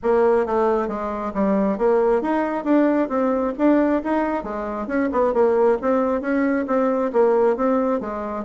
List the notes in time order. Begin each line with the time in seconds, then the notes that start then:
0.03 A#3
0.45 A3
0.87 G#3
1.34 G3
1.77 A#3
2.21 D#4
2.64 D4
3.08 C4
3.58 D4
4.03 D#4
4.43 G#3
4.87 C#4
5.12 B3
5.33 A#3
5.81 C4
6.21 C#4
6.67 C4
7.12 A#3
7.56 C4
8.00 G#3